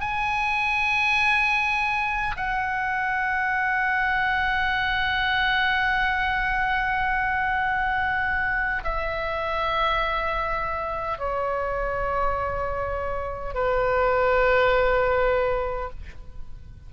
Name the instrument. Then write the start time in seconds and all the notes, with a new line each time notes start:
oboe
0.00 G#5
2.36 F#5
8.84 E5
11.19 C#5
13.54 B4